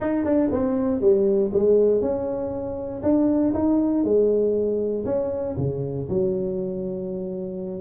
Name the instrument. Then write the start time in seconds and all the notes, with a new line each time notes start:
tuba
0.00 D#4
0.25 D4
0.51 C4
1.01 G3
1.53 G#3
2.01 C#4
3.03 D4
3.54 D#4
4.03 G#3
5.05 C#4
5.57 C#3
6.09 F#3